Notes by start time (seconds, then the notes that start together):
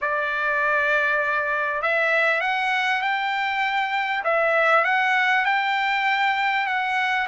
0.01 D5
1.82 E5
2.40 F#5
3.01 G5
4.24 E5
4.84 F#5
5.45 G5
6.66 F#5